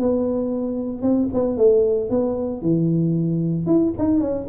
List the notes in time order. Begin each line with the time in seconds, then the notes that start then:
0.00 B3
1.02 C4
1.34 B3
1.58 A3
2.11 B3
2.62 E3
3.67 E4
3.99 D#4
4.21 C#4